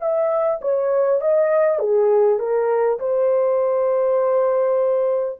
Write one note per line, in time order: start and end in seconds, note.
0.00 0.60 E5
0.62 1.21 C#5
1.21 1.79 D#5
1.79 2.39 G#4
2.39 2.99 A#4
2.99 5.39 C5